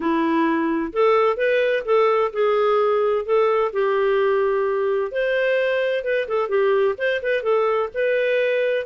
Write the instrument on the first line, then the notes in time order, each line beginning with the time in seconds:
clarinet
0.00 E4
0.92 A4
1.36 B4
1.85 A4
2.32 G#4
3.25 A4
3.73 G4
5.11 C5
6.04 B4
6.28 A4
6.48 G4
6.98 C5
7.22 B4
7.42 A4
7.94 B4